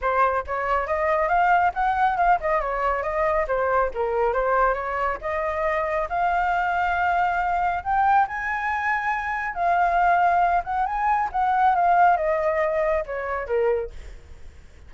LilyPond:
\new Staff \with { instrumentName = "flute" } { \time 4/4 \tempo 4 = 138 c''4 cis''4 dis''4 f''4 | fis''4 f''8 dis''8 cis''4 dis''4 | c''4 ais'4 c''4 cis''4 | dis''2 f''2~ |
f''2 g''4 gis''4~ | gis''2 f''2~ | f''8 fis''8 gis''4 fis''4 f''4 | dis''2 cis''4 ais'4 | }